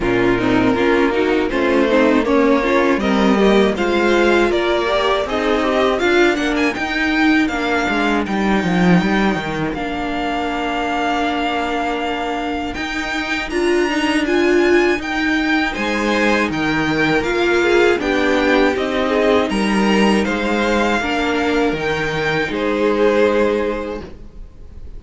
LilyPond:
<<
  \new Staff \with { instrumentName = "violin" } { \time 4/4 \tempo 4 = 80 ais'2 c''4 cis''4 | dis''4 f''4 d''4 dis''4 | f''8 fis''16 gis''16 g''4 f''4 g''4~ | g''4 f''2.~ |
f''4 g''4 ais''4 gis''4 | g''4 gis''4 g''4 f''4 | g''4 dis''4 ais''4 f''4~ | f''4 g''4 c''2 | }
  \new Staff \with { instrumentName = "violin" } { \time 4/4 f'8 dis'8 f'8 fis'8 f'8 dis'8 cis'8 f'8 | ais'8 g'8 c''4 ais'4 dis'4 | ais'1~ | ais'1~ |
ais'1~ | ais'4 c''4 ais'4. gis'8 | g'4. gis'8 ais'4 c''4 | ais'2 gis'2 | }
  \new Staff \with { instrumentName = "viola" } { \time 4/4 cis'8 c'8 cis'8 dis'8 cis'8 c'8 ais8 cis'8 | c'8 ais8 f'4. g'8 gis'8 g'8 | f'8 d'8 dis'4 d'4 dis'4~ | dis'4 d'2.~ |
d'4 dis'4 f'8 dis'8 f'4 | dis'2. f'4 | d'4 dis'2. | d'4 dis'2. | }
  \new Staff \with { instrumentName = "cello" } { \time 4/4 ais,4 ais4 a4 ais4 | g4 gis4 ais4 c'4 | d'8 ais8 dis'4 ais8 gis8 g8 f8 | g8 dis8 ais2.~ |
ais4 dis'4 d'2 | dis'4 gis4 dis4 ais4 | b4 c'4 g4 gis4 | ais4 dis4 gis2 | }
>>